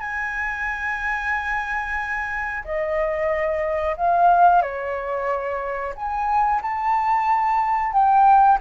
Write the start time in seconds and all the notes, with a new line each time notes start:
0.00 G#5
2.64 D#5
3.97 F5
4.62 C#5
5.96 G#5
6.62 A5
7.92 G5